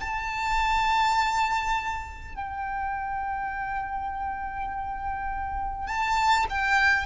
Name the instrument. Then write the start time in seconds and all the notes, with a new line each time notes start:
violin
0.00 A5
2.35 G5
5.87 A5
6.49 G5